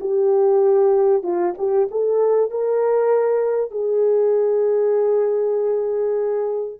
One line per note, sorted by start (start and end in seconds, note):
0.00 1.23 G4
1.23 1.54 F4
1.57 1.88 G4
1.90 2.50 A4
2.50 3.71 A#4
3.71 6.80 G#4